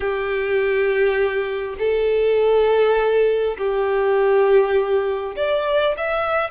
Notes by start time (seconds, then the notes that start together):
0.00 G4
1.78 A4
3.57 G4
5.36 D5
5.97 E5